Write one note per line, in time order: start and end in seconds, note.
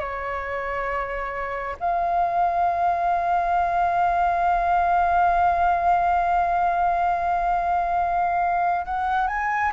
0.00 1.76 C#5
1.80 8.86 F5
8.86 9.28 F#5
9.28 9.72 G#5